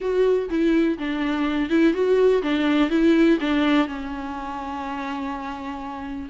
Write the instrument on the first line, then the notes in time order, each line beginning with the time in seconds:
viola
0.00 F#4
0.49 E4
0.98 D4
1.69 E4
1.93 F#4
2.42 D4
2.90 E4
3.40 D4
3.87 C#4